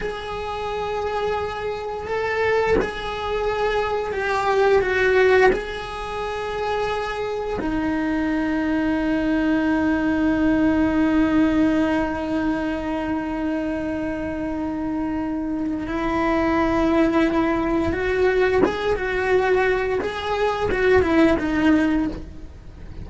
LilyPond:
\new Staff \with { instrumentName = "cello" } { \time 4/4 \tempo 4 = 87 gis'2. a'4 | gis'2 g'4 fis'4 | gis'2. dis'4~ | dis'1~ |
dis'1~ | dis'2. e'4~ | e'2 fis'4 gis'8 fis'8~ | fis'4 gis'4 fis'8 e'8 dis'4 | }